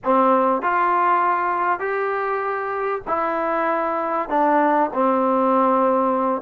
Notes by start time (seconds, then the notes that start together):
0.03 C4
0.62 F4
1.79 G4
3.08 E4
4.29 D4
4.93 C4